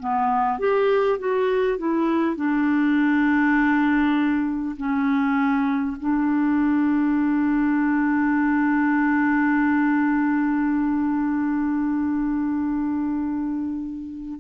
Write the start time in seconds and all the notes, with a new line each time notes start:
0.00 B3
0.59 G4
1.19 F#4
1.79 E4
2.37 D4
4.77 C#4
6.01 D4